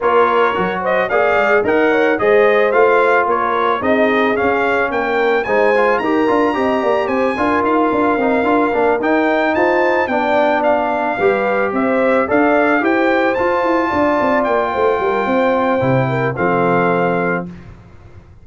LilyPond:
<<
  \new Staff \with { instrumentName = "trumpet" } { \time 4/4 \tempo 4 = 110 cis''4. dis''8 f''4 fis''4 | dis''4 f''4 cis''4 dis''4 | f''4 g''4 gis''4 ais''4~ | ais''4 gis''4 f''2~ |
f''8 g''4 a''4 g''4 f''8~ | f''4. e''4 f''4 g''8~ | g''8 a''2 g''4.~ | g''2 f''2 | }
  \new Staff \with { instrumentName = "horn" } { \time 4/4 ais'4. c''8 d''4 dis''8 cis''8 | c''2 ais'4 gis'4~ | gis'4 ais'4 c''4 ais'4 | dis''8 d''8 c''8 ais'2~ ais'8~ |
ais'4. c''4 d''4.~ | d''8 b'4 c''4 d''4 c''8~ | c''4. d''4. c''8 ais'8 | c''4. ais'8 a'2 | }
  \new Staff \with { instrumentName = "trombone" } { \time 4/4 f'4 fis'4 gis'4 ais'4 | gis'4 f'2 dis'4 | cis'2 dis'8 f'8 g'8 f'8 | g'4. f'4. dis'8 f'8 |
d'8 dis'2 d'4.~ | d'8 g'2 a'4 g'8~ | g'8 f'2.~ f'8~ | f'4 e'4 c'2 | }
  \new Staff \with { instrumentName = "tuba" } { \time 4/4 ais4 fis4 ais8 gis8 dis'4 | gis4 a4 ais4 c'4 | cis'4 ais4 gis4 dis'8 d'8 | c'8 ais8 c'8 d'8 dis'8 d'8 c'8 d'8 |
ais8 dis'4 f'4 b4.~ | b8 g4 c'4 d'4 e'8~ | e'8 f'8 e'8 d'8 c'8 ais8 a8 g8 | c'4 c4 f2 | }
>>